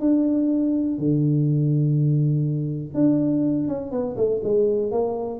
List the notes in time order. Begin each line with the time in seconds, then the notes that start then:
0.00 D4
0.98 D3
2.94 D4
3.68 C#4
3.91 B3
4.16 A3
4.43 G#3
4.91 A#3